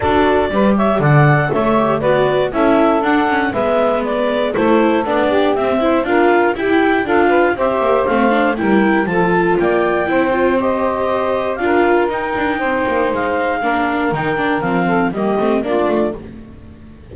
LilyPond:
<<
  \new Staff \with { instrumentName = "clarinet" } { \time 4/4 \tempo 4 = 119 d''4. e''8 fis''4 e''4 | d''4 e''4 fis''4 e''4 | d''4 c''4 d''4 e''4 | f''4 g''4 f''4 e''4 |
f''4 g''4 a''4 g''4~ | g''4 dis''2 f''4 | g''2 f''2 | g''4 f''4 dis''4 d''4 | }
  \new Staff \with { instrumentName = "saxophone" } { \time 4/4 a'4 b'8 cis''8 d''4 cis''4 | b'4 a'2 b'4~ | b'4 a'4. g'4 c''8 | ais'4 g'4 a'8 b'8 c''4~ |
c''4 ais'4 a'4 d''4 | c''2. ais'4~ | ais'4 c''2 ais'4~ | ais'4. a'8 g'4 f'4 | }
  \new Staff \with { instrumentName = "viola" } { \time 4/4 fis'4 g'4 a'4. g'8 | fis'4 e'4 d'8 cis'8 b4~ | b4 e'4 d'4 c'8 e'8 | f'4 e'4 f'4 g'4 |
c'8 d'8 e'4 f'2 | e'8 f'8 g'2 f'4 | dis'2. d'4 | dis'8 d'8 c'4 ais8 c'8 d'4 | }
  \new Staff \with { instrumentName = "double bass" } { \time 4/4 d'4 g4 d4 a4 | b4 cis'4 d'4 gis4~ | gis4 a4 b4 c'4 | d'4 e'4 d'4 c'8 ais8 |
a4 g4 f4 ais4 | c'2. d'4 | dis'8 d'8 c'8 ais8 gis4 ais4 | dis4 f4 g8 a8 ais8 a8 | }
>>